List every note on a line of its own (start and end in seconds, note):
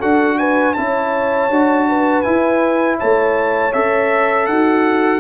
0.00 0.77 D4
0.00 0.76 F#4
0.00 0.37 A4
0.00 0.38 F#5
0.38 0.77 B4
0.38 0.74 G#5
0.74 1.50 C#4
0.74 1.51 E4
0.74 1.88 C#5
0.74 2.22 A5
1.50 2.24 D4
1.50 2.24 F#4
1.89 2.99 B4
2.22 3.73 E4
2.22 3.01 E4
2.22 2.96 G#5
2.99 3.75 A3
2.99 4.47 C#5
2.99 3.73 A5
3.73 4.48 C#4
3.73 5.21 A4
3.73 4.47 E5
4.47 5.21 D#4
4.47 5.21 F#4
4.47 5.21 F#5